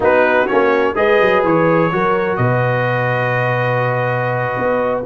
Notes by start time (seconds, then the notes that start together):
0.00 B3 D#4 F#4 B4
0.47 A#3 C#4 C#5
0.95 G#3 G#4 B4 D#5
1.21 F#3
1.44 E3 C#5
1.92 F#3 F#4 A#4
2.36 B2 B4 D#5
4.57 B3